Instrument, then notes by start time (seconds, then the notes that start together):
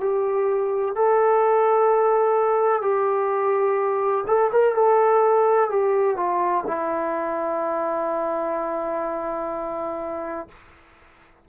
trombone
0.00 G4
0.95 A4
2.81 G4
4.27 A4
4.52 A#4
4.75 A4
5.69 G4
6.16 F4
6.67 E4